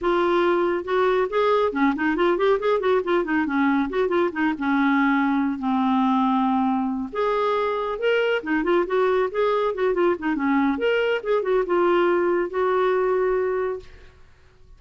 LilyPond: \new Staff \with { instrumentName = "clarinet" } { \time 4/4 \tempo 4 = 139 f'2 fis'4 gis'4 | cis'8 dis'8 f'8 g'8 gis'8 fis'8 f'8 dis'8 | cis'4 fis'8 f'8 dis'8 cis'4.~ | cis'4 c'2.~ |
c'8 gis'2 ais'4 dis'8 | f'8 fis'4 gis'4 fis'8 f'8 dis'8 | cis'4 ais'4 gis'8 fis'8 f'4~ | f'4 fis'2. | }